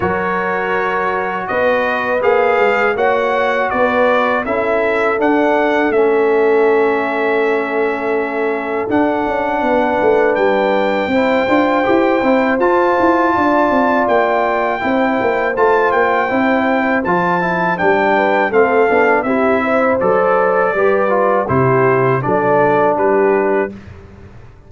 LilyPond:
<<
  \new Staff \with { instrumentName = "trumpet" } { \time 4/4 \tempo 4 = 81 cis''2 dis''4 f''4 | fis''4 d''4 e''4 fis''4 | e''1 | fis''2 g''2~ |
g''4 a''2 g''4~ | g''4 a''8 g''4. a''4 | g''4 f''4 e''4 d''4~ | d''4 c''4 d''4 b'4 | }
  \new Staff \with { instrumentName = "horn" } { \time 4/4 ais'2 b'2 | cis''4 b'4 a'2~ | a'1~ | a'4 b'2 c''4~ |
c''2 d''2 | c''1~ | c''8 b'8 a'4 g'8 c''4. | b'4 g'4 a'4 g'4 | }
  \new Staff \with { instrumentName = "trombone" } { \time 4/4 fis'2. gis'4 | fis'2 e'4 d'4 | cis'1 | d'2. e'8 f'8 |
g'8 e'8 f'2. | e'4 f'4 e'4 f'8 e'8 | d'4 c'8 d'8 e'4 a'4 | g'8 f'8 e'4 d'2 | }
  \new Staff \with { instrumentName = "tuba" } { \time 4/4 fis2 b4 ais8 gis8 | ais4 b4 cis'4 d'4 | a1 | d'8 cis'8 b8 a8 g4 c'8 d'8 |
e'8 c'8 f'8 e'8 d'8 c'8 ais4 | c'8 ais8 a8 ais8 c'4 f4 | g4 a8 b8 c'4 fis4 | g4 c4 fis4 g4 | }
>>